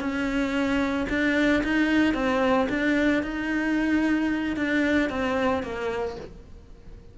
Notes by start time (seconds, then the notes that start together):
0.00 C#4
1.09 D4
1.64 D#4
2.14 C4
2.69 D4
3.23 D#4
4.57 D4
5.10 C4
5.63 A#3